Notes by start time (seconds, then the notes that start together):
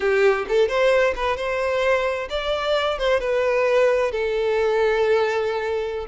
0.00 G4
0.48 A4
0.68 C5
1.15 B4
1.36 C5
2.29 D5
2.98 C5
3.19 B4
4.11 A4